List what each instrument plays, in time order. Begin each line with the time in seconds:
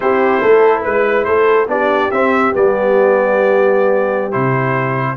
0.00 tuba C4, trombone E4, horn G4, trumpet C5
0.41 tuba A3, horn A4
0.81 tuba G#3, horn B4, trumpet B4
1.24 tuba A3, horn A4, trumpet C5
1.67 tuba B3, trombone D4, horn G4, trumpet D5
2.11 tuba C4, trombone C4, trumpet E5
2.52 tuba G3, trombone B3, trumpet D5
4.31 tuba C3, trombone E4, trumpet C5